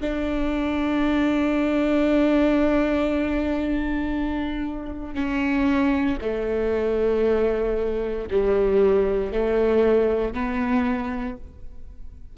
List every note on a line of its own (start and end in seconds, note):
0.00 5.14 D4
5.14 6.17 C#4
6.21 8.28 A3
8.30 9.32 G3
9.32 10.34 A3
10.34 11.37 B3